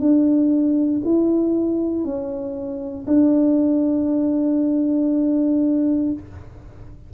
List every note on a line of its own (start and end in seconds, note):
0.00 1.02 D4
1.04 2.04 E4
2.04 3.06 C#4
3.07 6.12 D4